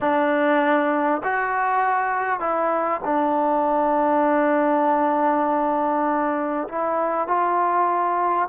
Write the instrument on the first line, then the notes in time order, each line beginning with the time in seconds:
trombone
0.01 D4
1.23 F#4
2.40 E4
3.04 D4
6.68 E4
7.27 F4